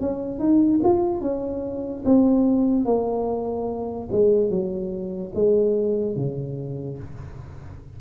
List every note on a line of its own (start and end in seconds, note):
0.00 0.39 C#4
0.39 0.80 D#4
0.83 1.21 F4
1.21 2.03 C#4
2.05 2.85 C4
2.85 4.08 A#3
4.11 4.50 G#3
4.50 5.32 F#3
5.35 6.16 G#3
6.16 6.98 C#3